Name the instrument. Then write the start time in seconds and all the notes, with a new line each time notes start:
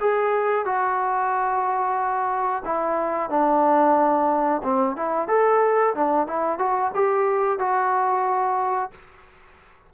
trombone
0.00 G#4
0.65 F#4
2.65 E4
3.30 D4
4.63 C4
4.96 E4
5.28 A4
5.94 D4
6.27 E4
6.58 F#4
6.94 G4
7.59 F#4